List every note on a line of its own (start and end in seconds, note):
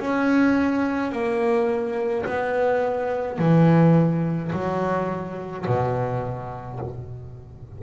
0.00 1.12 C#4
1.12 2.25 A#3
2.26 3.39 B3
3.39 4.52 E3
4.53 5.66 F#3
5.67 6.80 B2